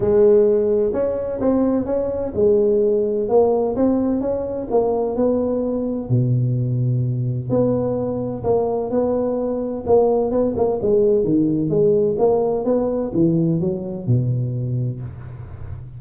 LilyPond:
\new Staff \with { instrumentName = "tuba" } { \time 4/4 \tempo 4 = 128 gis2 cis'4 c'4 | cis'4 gis2 ais4 | c'4 cis'4 ais4 b4~ | b4 b,2. |
b2 ais4 b4~ | b4 ais4 b8 ais8 gis4 | dis4 gis4 ais4 b4 | e4 fis4 b,2 | }